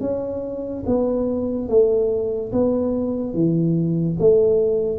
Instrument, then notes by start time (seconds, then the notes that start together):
tuba
0.00 C#4
0.86 B3
1.68 A3
2.52 B3
3.34 E3
4.19 A3